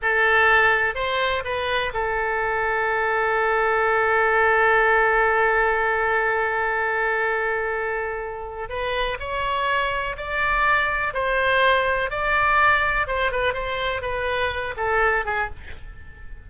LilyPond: \new Staff \with { instrumentName = "oboe" } { \time 4/4 \tempo 4 = 124 a'2 c''4 b'4 | a'1~ | a'1~ | a'1~ |
a'2 b'4 cis''4~ | cis''4 d''2 c''4~ | c''4 d''2 c''8 b'8 | c''4 b'4. a'4 gis'8 | }